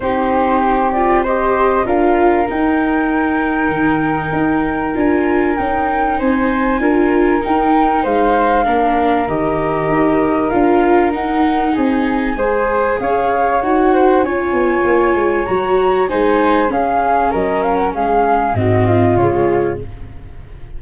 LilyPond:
<<
  \new Staff \with { instrumentName = "flute" } { \time 4/4 \tempo 4 = 97 c''4. d''8 dis''4 f''4 | g''1 | gis''4 g''4 gis''2 | g''4 f''2 dis''4~ |
dis''4 f''4 fis''4 gis''4~ | gis''4 f''4 fis''4 gis''4~ | gis''4 ais''4 gis''4 f''4 | dis''8 f''16 fis''16 f''4 dis''4 cis''4 | }
  \new Staff \with { instrumentName = "flute" } { \time 4/4 g'2 c''4 ais'4~ | ais'1~ | ais'2 c''4 ais'4~ | ais'4 c''4 ais'2~ |
ais'2. gis'4 | c''4 cis''4. c''8 cis''4~ | cis''2 c''4 gis'4 | ais'4 gis'4 fis'8 f'4. | }
  \new Staff \with { instrumentName = "viola" } { \time 4/4 dis'4. f'8 g'4 f'4 | dis'1 | f'4 dis'2 f'4 | dis'2 d'4 g'4~ |
g'4 f'4 dis'2 | gis'2 fis'4 f'4~ | f'4 fis'4 dis'4 cis'4~ | cis'2 c'4 gis4 | }
  \new Staff \with { instrumentName = "tuba" } { \time 4/4 c'2. d'4 | dis'2 dis4 dis'4 | d'4 cis'4 c'4 d'4 | dis'4 gis4 ais4 dis4 |
dis'4 d'4 dis'4 c'4 | gis4 cis'4 dis'4 cis'8 b8 | ais8 gis8 fis4 gis4 cis'4 | fis4 gis4 gis,4 cis4 | }
>>